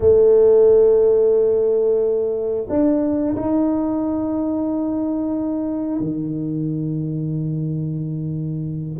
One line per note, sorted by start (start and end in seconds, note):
0.00 2.67 A3
2.69 3.35 D4
3.36 6.00 D#4
6.00 8.99 D#3